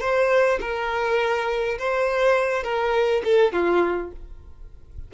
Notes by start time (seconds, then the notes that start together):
0.00 C5
0.60 A#4
1.79 C5
2.63 A#4
3.24 A4
3.52 F4